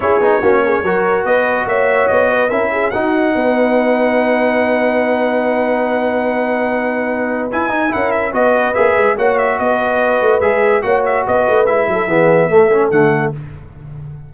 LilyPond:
<<
  \new Staff \with { instrumentName = "trumpet" } { \time 4/4 \tempo 4 = 144 cis''2. dis''4 | e''4 dis''4 e''4 fis''4~ | fis''1~ | fis''1~ |
fis''2 gis''4 fis''8 e''8 | dis''4 e''4 fis''8 e''8 dis''4~ | dis''4 e''4 fis''8 e''8 dis''4 | e''2. fis''4 | }
  \new Staff \with { instrumentName = "horn" } { \time 4/4 gis'4 fis'8 gis'8 ais'4 b'4 | cis''4. b'8 ais'8 gis'8 fis'4 | b'1~ | b'1~ |
b'2. ais'4 | b'2 cis''4 b'4~ | b'2 cis''4 b'4~ | b'8 a'8 gis'4 a'2 | }
  \new Staff \with { instrumentName = "trombone" } { \time 4/4 e'8 dis'8 cis'4 fis'2~ | fis'2 e'4 dis'4~ | dis'1~ | dis'1~ |
dis'2 e'8 dis'8 e'4 | fis'4 gis'4 fis'2~ | fis'4 gis'4 fis'2 | e'4 b4 a8 cis'8 a4 | }
  \new Staff \with { instrumentName = "tuba" } { \time 4/4 cis'8 b8 ais4 fis4 b4 | ais4 b4 cis'4 dis'4 | b1~ | b1~ |
b2 e'8 dis'8 cis'4 | b4 ais8 gis8 ais4 b4~ | b8 a8 gis4 ais4 b8 a8 | gis8 fis8 e4 a4 d4 | }
>>